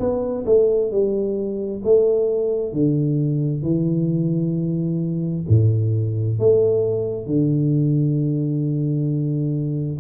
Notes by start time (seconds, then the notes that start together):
0.00 B3
0.46 A3
0.92 G3
1.85 A3
2.73 D3
3.63 E3
5.49 A2
6.39 A3
7.27 D3